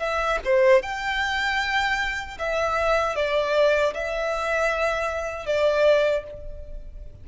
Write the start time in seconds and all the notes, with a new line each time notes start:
0.00 E5
0.45 C5
0.83 G5
2.39 E5
3.16 D5
3.95 E5
5.47 D5